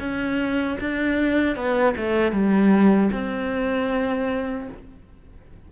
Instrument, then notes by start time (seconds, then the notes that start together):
cello
0.00 C#4
0.81 D4
1.56 B3
1.97 A3
2.32 G3
3.12 C4